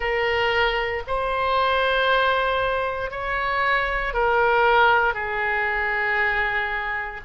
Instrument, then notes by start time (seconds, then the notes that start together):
oboe
0.00 A#4
1.07 C5
3.10 C#5
4.13 A#4
5.13 G#4